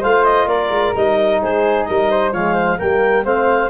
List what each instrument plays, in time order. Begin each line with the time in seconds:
0.00 tuba A3, trombone F4, flute C5, clarinet F5
0.25 clarinet D#5
0.46 tuba A#3, flute A#4, clarinet D5
0.69 tuba G#3
0.95 tuba G3, trombone D#4, clarinet D#5
1.41 tuba G#3, flute G#4, clarinet C5
1.84 tuba G3, flute A#4, clarinet D#5
2.10 flute C5
2.32 tuba F3, trombone G#3, flute C#5, clarinet F5
2.54 flute C5
2.78 tuba G3, trombone A#3, flute A#4, clarinet G5
3.24 tuba A3, trombone C4, flute C5, clarinet F5